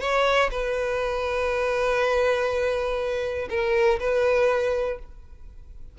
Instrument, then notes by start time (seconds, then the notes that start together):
violin
0.00 C#5
0.50 B4
3.49 A#4
3.99 B4